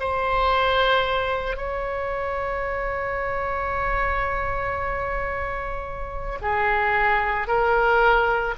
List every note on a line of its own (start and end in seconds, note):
0.00 1.57 C5
1.57 6.39 C#5
6.42 7.48 G#4
7.48 8.55 A#4